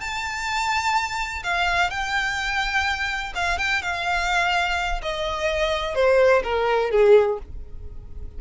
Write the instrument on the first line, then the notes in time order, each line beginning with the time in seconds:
violin
0.00 A5
1.43 F5
1.90 G5
3.35 F5
3.58 G5
3.82 F5
5.02 D#5
5.95 C5
6.44 A#4
6.91 G#4